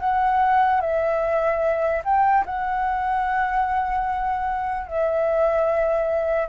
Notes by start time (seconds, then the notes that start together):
0.00 F#5
0.81 E5
2.05 G5
2.45 F#5
4.88 E5